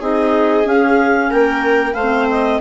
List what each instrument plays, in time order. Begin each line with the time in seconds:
0.00 bassoon C4, clarinet D#4 D#5, viola G#4
0.64 clarinet C#4 F5, bassoon C#4
1.30 bassoon A#3, viola A#4, clarinet G5
1.94 bassoon A3, viola C5, clarinet F5
2.02 clarinet C4
2.31 clarinet D#5